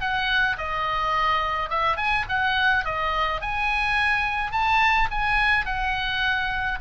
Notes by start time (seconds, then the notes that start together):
0.00 F#5
0.57 D#5
1.69 E5
1.97 G#5
2.28 F#5
2.85 D#5
3.41 G#5
4.52 A5
5.11 G#5
5.65 F#5